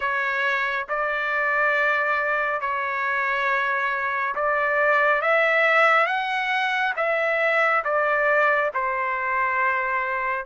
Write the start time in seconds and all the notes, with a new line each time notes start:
0.00 C#5
0.88 D5
2.60 C#5
4.35 D5
5.21 E5
6.06 F#5
6.96 E5
7.84 D5
8.74 C5